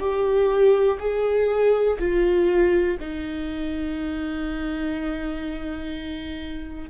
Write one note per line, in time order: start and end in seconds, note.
0.00 0.98 G4
1.00 1.98 G#4
1.99 2.98 F4
3.00 6.90 D#4